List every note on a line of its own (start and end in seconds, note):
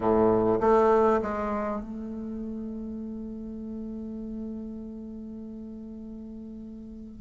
0.00 0.59 A2
0.60 1.20 A3
1.22 1.80 G#3
1.80 7.20 A3